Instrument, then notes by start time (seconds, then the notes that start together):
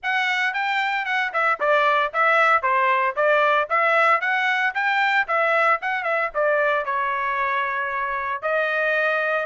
trumpet
0.02 F#5
0.53 G5
1.05 F#5
1.33 E5
1.60 D5
2.13 E5
2.62 C5
3.16 D5
3.69 E5
4.21 F#5
4.74 G5
5.27 E5
5.81 F#5
6.03 E5
6.34 D5
6.85 C#5
8.42 D#5